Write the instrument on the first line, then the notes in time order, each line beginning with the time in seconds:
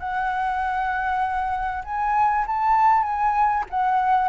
flute
0.00 F#5
1.85 G#5
2.47 A5
3.03 G#5
3.70 F#5